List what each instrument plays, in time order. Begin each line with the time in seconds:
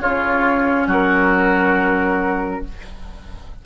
0.00 bassoon C#3, clarinet C#4, oboe F4, flute C#5
0.86 bassoon F#3, oboe F#4, flute A#4